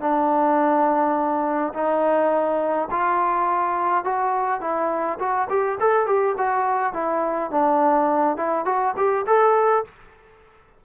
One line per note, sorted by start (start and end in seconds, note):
0.00 1.73 D4
1.73 2.88 D#4
2.91 4.04 F4
4.04 4.60 F#4
4.60 5.18 E4
5.19 5.48 F#4
5.50 5.78 G4
5.80 6.06 A4
6.06 6.35 G4
6.37 6.93 F#4
6.93 7.51 E4
7.51 8.37 D4
8.37 8.65 E4
8.65 8.94 F#4
8.97 9.25 G4
9.26 9.84 A4